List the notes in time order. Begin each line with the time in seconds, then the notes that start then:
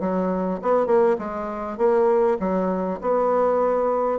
0.00 F#3
0.62 B3
0.86 A#3
1.18 G#3
1.77 A#3
2.39 F#3
3.01 B3